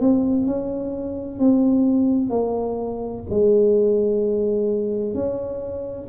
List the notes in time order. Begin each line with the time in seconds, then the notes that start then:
0.00 C4
0.46 C#4
1.39 C4
2.29 A#3
3.29 G#3
5.14 C#4